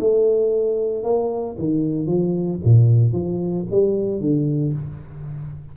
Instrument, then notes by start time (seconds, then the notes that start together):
tuba
0.00 A3
1.03 A#3
1.58 D#3
2.06 F3
2.64 A#2
3.12 F3
3.71 G3
4.20 D3